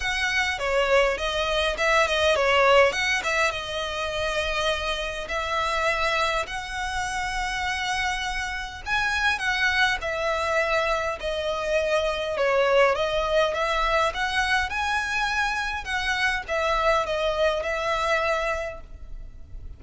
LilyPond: \new Staff \with { instrumentName = "violin" } { \time 4/4 \tempo 4 = 102 fis''4 cis''4 dis''4 e''8 dis''8 | cis''4 fis''8 e''8 dis''2~ | dis''4 e''2 fis''4~ | fis''2. gis''4 |
fis''4 e''2 dis''4~ | dis''4 cis''4 dis''4 e''4 | fis''4 gis''2 fis''4 | e''4 dis''4 e''2 | }